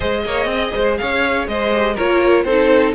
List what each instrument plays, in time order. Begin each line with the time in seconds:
0.00 cello G#3, viola G#4, violin C5 D#5
0.25 cello A#3, violin C#5
0.45 cello C4
0.51 violin D#5
0.74 cello G#3, violin C5
0.97 cello C#4, violin C#5 F5
1.47 cello G#3, violin C5 D#5
1.71 viola G4
1.94 cello A#3, viola F4, violin A#4 C#5
2.44 cello C4, viola D#4, violin A4 C5